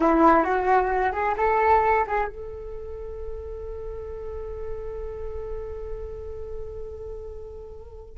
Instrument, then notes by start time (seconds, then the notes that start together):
flute
0.00 E4
0.43 F#4
1.12 G#4
1.37 A4
2.07 G#4
2.27 A4